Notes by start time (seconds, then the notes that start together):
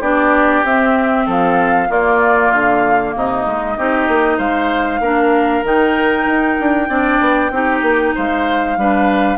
0.00 B3 D4 G4 D5
0.63 C4 E5
1.25 F3 A4 F5
1.88 A#3 F4 D5
2.51 D3 F5
3.15 C3 D#4 D#5
3.46 G#3
3.76 C4 D#4 G4
4.08 A#3
4.37 G#3 C5 F5
5.00 A#3 D4 A#4
5.63 D#3 D#4 G5
6.25 D#4
6.60 D4
6.88 C4 D4 D5
7.20 B3
7.50 C4 D#4 G4
7.81 A#3
8.14 G#3 C5 F5
8.76 G3 D4 B4